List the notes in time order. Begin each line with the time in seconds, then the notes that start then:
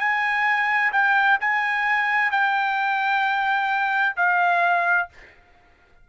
0.00 G#5
0.93 G5
1.41 G#5
2.32 G5
4.17 F5